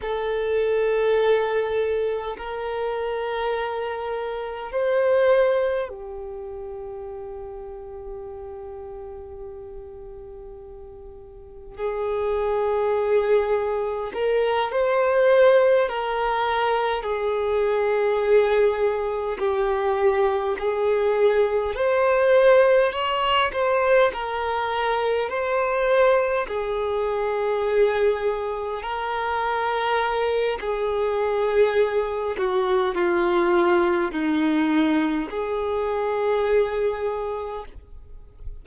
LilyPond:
\new Staff \with { instrumentName = "violin" } { \time 4/4 \tempo 4 = 51 a'2 ais'2 | c''4 g'2.~ | g'2 gis'2 | ais'8 c''4 ais'4 gis'4.~ |
gis'8 g'4 gis'4 c''4 cis''8 | c''8 ais'4 c''4 gis'4.~ | gis'8 ais'4. gis'4. fis'8 | f'4 dis'4 gis'2 | }